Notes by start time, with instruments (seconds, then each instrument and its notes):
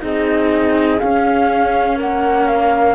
0.00 cello C4 D#4, horn G#4, flute D#5
0.99 cello C#4, flute F5
1.97 cello A#3, horn A#4, flute F#5
2.47 flute F5